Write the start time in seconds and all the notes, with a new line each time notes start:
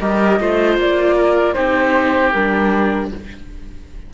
0.00 G3 G4 A#4 D#5
0.40 A3 F4 C5
0.78 A#3 D5
1.16 A#4
1.54 C4 D#4 G4 C5
2.33 G3 D4 A#4